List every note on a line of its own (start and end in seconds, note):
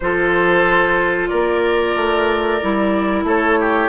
0.00 1.31 F3
0.00 2.61 F4
0.00 1.29 A4
0.00 1.28 C5
1.28 1.95 A#3
1.28 3.25 A#4
1.28 3.23 D5
1.95 2.60 A3
2.61 3.23 G3
2.61 3.89 E4
3.23 3.88 A3
3.23 3.59 A4
3.23 3.89 C#5
3.59 3.89 G4